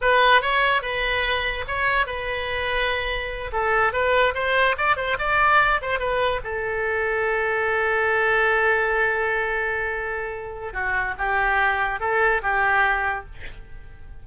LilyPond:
\new Staff \with { instrumentName = "oboe" } { \time 4/4 \tempo 4 = 145 b'4 cis''4 b'2 | cis''4 b'2.~ | b'8 a'4 b'4 c''4 d''8 | c''8 d''4. c''8 b'4 a'8~ |
a'1~ | a'1~ | a'2 fis'4 g'4~ | g'4 a'4 g'2 | }